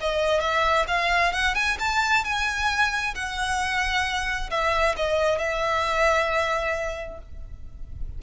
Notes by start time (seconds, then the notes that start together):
0.00 D#5
0.40 E5
0.87 F5
1.32 F#5
1.55 G#5
1.79 A5
2.24 G#5
3.15 F#5
4.50 E5
4.96 D#5
5.38 E5